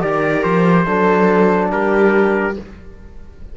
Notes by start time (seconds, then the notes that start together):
0.00 D#3 G4 A#4 D5
0.43 F3 C5
0.85 F#3 D4 A4
1.71 G3 G4 A#4